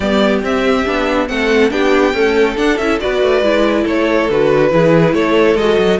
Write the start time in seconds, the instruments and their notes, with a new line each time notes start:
0.00 cello G3, viola B3, violin G4 D5
0.43 viola C4, cello C4, violin E5
0.85 cello B3, viola D4
1.27 cello A3, viola C4, violin A4 F#5
1.70 cello B3, viola D4, violin G4 G5
2.13 viola A3, cello C#4, violin A4
2.56 viola D4, cello D4, violin F#5
2.77 cello C#4, viola E4, violin E5
3.00 cello B3, viola F#4, violin B4 D5
3.22 cello A3
3.41 cello G#3, viola E4
3.83 cello A3, violin A4 C#5
4.29 cello D3, viola F#4, violin B4
4.70 cello E3, viola E4, violin G#4
5.13 cello A3, violin A4 C#5
5.55 cello G#3, viola F#4, violin D#5
5.77 cello F#3